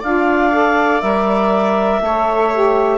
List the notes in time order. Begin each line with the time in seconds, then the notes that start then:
0.00 D4 F4 D5 F5
0.52 A4
1.01 G3 A#4 E5
2.00 A3 A4 C#5
2.53 G4